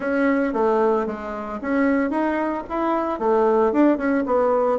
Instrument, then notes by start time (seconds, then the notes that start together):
bassoon
0.00 C#4
0.53 A3
1.06 G#3
1.61 C#4
2.10 D#4
2.69 E4
3.19 A3
3.72 D4
3.97 C#4
4.26 B3